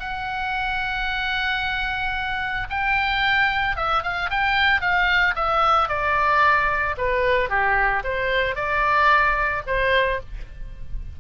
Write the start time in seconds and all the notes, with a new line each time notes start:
0.00 F#5
2.70 G5
3.77 E5
4.03 F5
4.31 G5
4.81 F5
5.36 E5
5.89 D5
6.98 B4
7.50 G4
8.04 C5
8.56 D5
9.67 C5